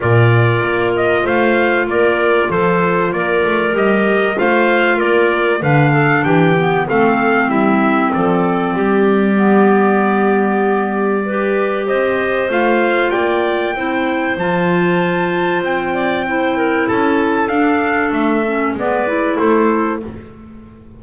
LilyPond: <<
  \new Staff \with { instrumentName = "trumpet" } { \time 4/4 \tempo 4 = 96 d''4. dis''8 f''4 d''4 | c''4 d''4 dis''4 f''4 | d''4 f''4 g''4 f''4 | e''4 d''2.~ |
d''2. dis''4 | f''4 g''2 a''4~ | a''4 g''2 a''4 | f''4 e''4 d''4 c''4 | }
  \new Staff \with { instrumentName = "clarinet" } { \time 4/4 ais'2 c''4 ais'4 | a'4 ais'2 c''4 | ais'4 b'8 a'8 g'4 a'4 | e'4 a'4 g'2~ |
g'2 b'4 c''4~ | c''4 d''4 c''2~ | c''4. d''8 c''8 ais'8 a'4~ | a'2 b'4 a'4 | }
  \new Staff \with { instrumentName = "clarinet" } { \time 4/4 f'1~ | f'2 g'4 f'4~ | f'4 d'4. b8 c'4~ | c'2. b4~ |
b2 g'2 | f'2 e'4 f'4~ | f'2 e'2 | d'4. cis'8 b8 e'4. | }
  \new Staff \with { instrumentName = "double bass" } { \time 4/4 ais,4 ais4 a4 ais4 | f4 ais8 a8 g4 a4 | ais4 d4 e4 a4 | g4 f4 g2~ |
g2. c'4 | a4 ais4 c'4 f4~ | f4 c'2 cis'4 | d'4 a4 gis4 a4 | }
>>